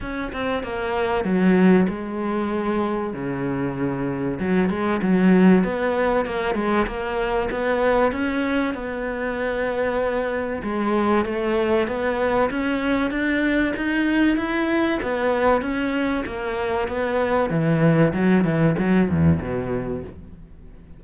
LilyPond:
\new Staff \with { instrumentName = "cello" } { \time 4/4 \tempo 4 = 96 cis'8 c'8 ais4 fis4 gis4~ | gis4 cis2 fis8 gis8 | fis4 b4 ais8 gis8 ais4 | b4 cis'4 b2~ |
b4 gis4 a4 b4 | cis'4 d'4 dis'4 e'4 | b4 cis'4 ais4 b4 | e4 fis8 e8 fis8 e,8 b,4 | }